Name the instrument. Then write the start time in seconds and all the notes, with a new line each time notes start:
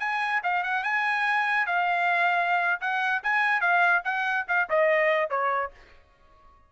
trumpet
0.00 G#5
0.44 F5
0.63 F#5
0.84 G#5
1.67 F5
2.81 F#5
3.24 G#5
3.61 F5
4.05 F#5
4.48 F5
4.70 D#5
5.30 C#5